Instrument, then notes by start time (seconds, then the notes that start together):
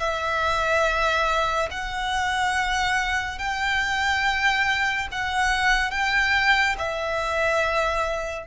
violin
0.00 E5
1.71 F#5
3.39 G5
5.12 F#5
5.91 G5
6.79 E5